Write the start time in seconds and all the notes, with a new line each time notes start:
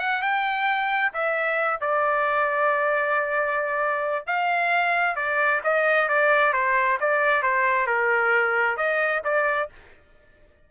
0.00 F#5
0.22 G5
1.14 E5
1.81 D5
4.27 F5
5.16 D5
5.64 D#5
6.09 D5
6.54 C5
7.00 D5
7.43 C5
7.87 A#4
8.77 D#5
9.25 D5